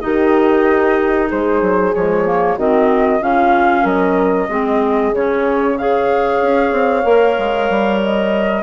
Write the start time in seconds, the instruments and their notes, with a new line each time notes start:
0.00 bassoon D#3, clarinet D#4, horn G4, flute D#5
1.28 bassoon G#3, horn G#4, flute C5
1.61 bassoon F#3
1.94 bassoon F3, clarinet G#3, flute C#5
2.25 clarinet A#3
2.56 bassoon D#3, clarinet C4, horn F#4, flute D#5
3.20 bassoon C#3, clarinet C#4, horn F4, flute F5
3.83 bassoon F#3, horn A#4, flute D#5
4.48 bassoon G#3, clarinet C4, horn G#4
5.12 bassoon C#3, clarinet C#4, flute C#5
5.77 clarinet G#4, horn C#5, flute F5
6.41 bassoon C#4
6.72 bassoon C4
7.03 bassoon A#3, clarinet A#4
7.38 bassoon G#3
7.69 bassoon G3
8.03 flute D#5